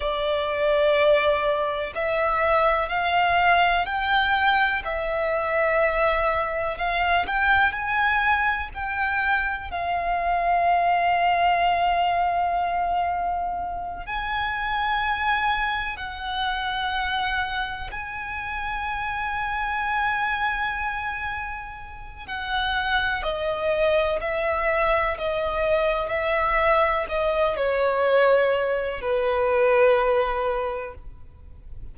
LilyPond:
\new Staff \with { instrumentName = "violin" } { \time 4/4 \tempo 4 = 62 d''2 e''4 f''4 | g''4 e''2 f''8 g''8 | gis''4 g''4 f''2~ | f''2~ f''8 gis''4.~ |
gis''8 fis''2 gis''4.~ | gis''2. fis''4 | dis''4 e''4 dis''4 e''4 | dis''8 cis''4. b'2 | }